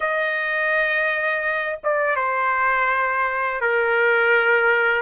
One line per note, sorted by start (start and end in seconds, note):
0.00 1.79 D#5
1.83 2.16 D5
2.16 3.60 C5
3.60 5.01 A#4